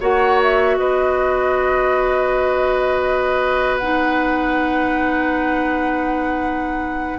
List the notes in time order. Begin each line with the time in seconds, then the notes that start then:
0.00 A#3 F#4 C#5 F#5
0.42 E5
0.77 B3 B4 D#5
3.77 D#4 F#5